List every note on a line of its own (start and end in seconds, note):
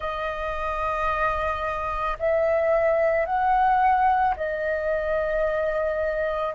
0.00 2.17 D#5
2.19 3.25 E5
3.25 4.34 F#5
4.36 6.54 D#5